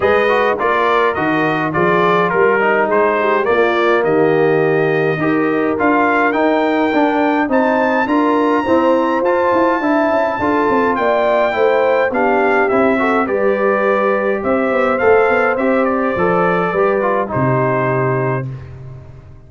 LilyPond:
<<
  \new Staff \with { instrumentName = "trumpet" } { \time 4/4 \tempo 4 = 104 dis''4 d''4 dis''4 d''4 | ais'4 c''4 d''4 dis''4~ | dis''2 f''4 g''4~ | g''4 a''4 ais''2 |
a''2. g''4~ | g''4 f''4 e''4 d''4~ | d''4 e''4 f''4 e''8 d''8~ | d''2 c''2 | }
  \new Staff \with { instrumentName = "horn" } { \time 4/4 b'4 ais'2 gis'4 | ais'4 gis'8 g'8 f'4 g'4~ | g'4 ais'2.~ | ais'4 c''4 ais'4 c''4~ |
c''4 e''4 a'4 d''4 | c''4 g'4. a'8 b'4~ | b'4 c''2.~ | c''4 b'4 g'2 | }
  \new Staff \with { instrumentName = "trombone" } { \time 4/4 gis'8 fis'8 f'4 fis'4 f'4~ | f'8 dis'4. ais2~ | ais4 g'4 f'4 dis'4 | d'4 dis'4 f'4 c'4 |
f'4 e'4 f'2 | e'4 d'4 e'8 fis'8 g'4~ | g'2 a'4 g'4 | a'4 g'8 f'8 dis'2 | }
  \new Staff \with { instrumentName = "tuba" } { \time 4/4 gis4 ais4 dis4 f4 | g4 gis4 ais4 dis4~ | dis4 dis'4 d'4 dis'4 | d'4 c'4 d'4 e'4 |
f'8 e'8 d'8 cis'8 d'8 c'8 ais4 | a4 b4 c'4 g4~ | g4 c'8 b8 a8 b8 c'4 | f4 g4 c2 | }
>>